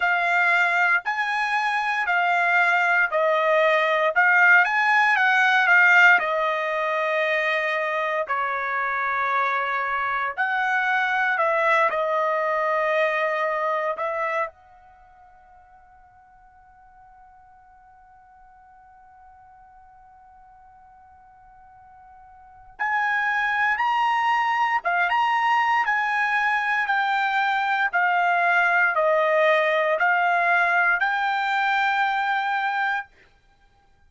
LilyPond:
\new Staff \with { instrumentName = "trumpet" } { \time 4/4 \tempo 4 = 58 f''4 gis''4 f''4 dis''4 | f''8 gis''8 fis''8 f''8 dis''2 | cis''2 fis''4 e''8 dis''8~ | dis''4. e''8 fis''2~ |
fis''1~ | fis''2 gis''4 ais''4 | f''16 ais''8. gis''4 g''4 f''4 | dis''4 f''4 g''2 | }